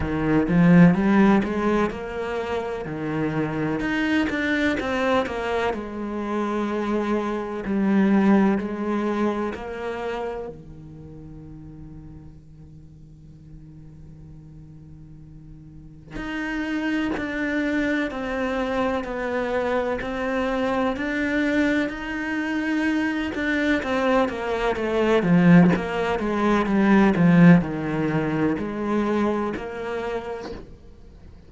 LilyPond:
\new Staff \with { instrumentName = "cello" } { \time 4/4 \tempo 4 = 63 dis8 f8 g8 gis8 ais4 dis4 | dis'8 d'8 c'8 ais8 gis2 | g4 gis4 ais4 dis4~ | dis1~ |
dis4 dis'4 d'4 c'4 | b4 c'4 d'4 dis'4~ | dis'8 d'8 c'8 ais8 a8 f8 ais8 gis8 | g8 f8 dis4 gis4 ais4 | }